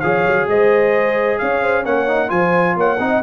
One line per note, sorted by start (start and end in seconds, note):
0.00 0.27 F3
0.00 1.85 G#4
0.00 0.49 C#5
0.00 0.46 F5
0.27 0.47 F#3
0.47 1.39 G#3
0.47 1.41 C5
0.47 1.38 D#5
1.38 1.86 C#4
1.38 1.62 C#5
1.38 1.84 F5
1.62 1.82 C5
1.82 2.31 A#3
1.82 2.08 C#4
1.82 2.28 C#5
1.82 2.30 F#5
2.08 2.28 D#4
2.28 2.76 F3
2.28 2.97 F4
2.28 2.76 C5
2.28 2.76 G#5
2.76 2.99 A#3
2.76 3.00 C#5
2.76 3.23 F#5
2.99 3.22 C4
2.99 3.22 D#4
2.99 3.23 D#5